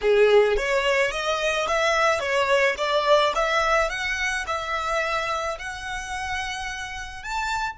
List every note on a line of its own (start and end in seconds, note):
0.01 0.56 G#4
0.56 1.11 C#5
1.11 1.66 D#5
1.67 2.20 E5
2.20 2.75 C#5
2.77 3.33 D5
3.35 3.89 E5
3.89 4.45 F#5
4.46 5.57 E5
5.58 7.23 F#5
7.23 7.78 A5